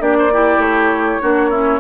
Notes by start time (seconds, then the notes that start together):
0.00 A#3 D4 G4 D5
0.19 C5
0.33 E4 G4
0.58 A3 C#5
1.22 A#3 D4 F#4
1.50 C#4 E4